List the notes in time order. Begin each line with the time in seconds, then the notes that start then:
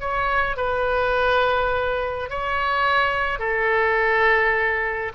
0.00 C#5
0.57 B4
2.30 C#5
3.39 A4